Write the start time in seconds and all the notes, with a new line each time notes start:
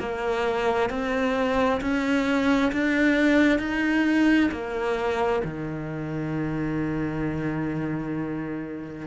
0.00 A#3
0.90 C4
1.81 C#4
2.73 D4
3.60 D#4
4.52 A#3
5.45 D#3